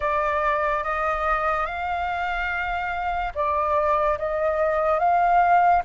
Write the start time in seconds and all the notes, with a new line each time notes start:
0.00 D5
0.83 D#5
1.66 F5
3.34 D5
4.18 D#5
4.98 F5